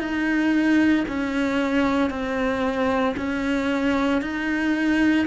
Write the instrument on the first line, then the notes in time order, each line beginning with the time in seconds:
cello
0.00 D#4
1.09 C#4
2.11 C4
3.17 C#4
4.22 D#4